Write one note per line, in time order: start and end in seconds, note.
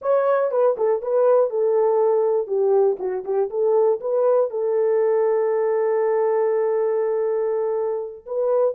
0.01 0.51 C#5
0.51 0.76 B4
0.77 1.02 A4
1.02 1.50 B4
1.50 2.47 A4
2.47 2.97 G4
2.99 3.24 F#4
3.24 3.49 G4
3.50 4.00 A4
4.00 4.50 B4
4.50 8.25 A4
8.26 8.74 B4